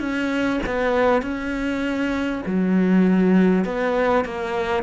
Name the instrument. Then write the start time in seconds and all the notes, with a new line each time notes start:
cello
0.00 C#4
0.66 B3
1.22 C#4
2.46 F#3
3.65 B3
4.24 A#3